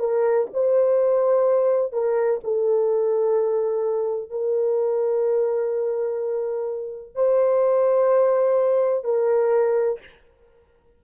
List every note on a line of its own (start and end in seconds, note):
0.00 0.48 A#4
0.54 1.93 C5
1.93 2.41 A#4
2.44 4.30 A4
4.30 7.16 A#4
7.16 9.04 C5
9.04 10.00 A#4